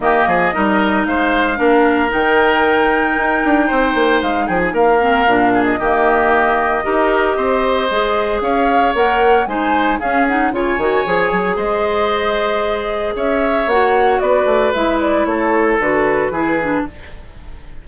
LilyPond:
<<
  \new Staff \with { instrumentName = "flute" } { \time 4/4 \tempo 4 = 114 dis''2 f''2 | g''1 | f''8 g''16 gis''16 f''4.~ f''16 dis''4~ dis''16~ | dis''1 |
f''4 fis''4 gis''4 f''8 fis''8 | gis''2 dis''2~ | dis''4 e''4 fis''4 d''4 | e''8 d''8 cis''4 b'2 | }
  \new Staff \with { instrumentName = "oboe" } { \time 4/4 g'8 gis'8 ais'4 c''4 ais'4~ | ais'2. c''4~ | c''8 gis'8 ais'4. gis'8 g'4~ | g'4 ais'4 c''2 |
cis''2 c''4 gis'4 | cis''2 c''2~ | c''4 cis''2 b'4~ | b'4 a'2 gis'4 | }
  \new Staff \with { instrumentName = "clarinet" } { \time 4/4 ais4 dis'2 d'4 | dis'1~ | dis'4. c'8 d'4 ais4~ | ais4 g'2 gis'4~ |
gis'4 ais'4 dis'4 cis'8 dis'8 | f'8 fis'8 gis'2.~ | gis'2 fis'2 | e'2 fis'4 e'8 d'8 | }
  \new Staff \with { instrumentName = "bassoon" } { \time 4/4 dis8 f8 g4 gis4 ais4 | dis2 dis'8 d'8 c'8 ais8 | gis8 f8 ais4 ais,4 dis4~ | dis4 dis'4 c'4 gis4 |
cis'4 ais4 gis4 cis'4 | cis8 dis8 f8 fis8 gis2~ | gis4 cis'4 ais4 b8 a8 | gis4 a4 d4 e4 | }
>>